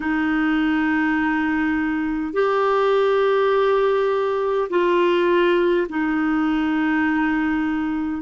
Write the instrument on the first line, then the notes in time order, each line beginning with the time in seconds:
clarinet
0.00 D#4
2.33 G4
4.69 F4
5.89 D#4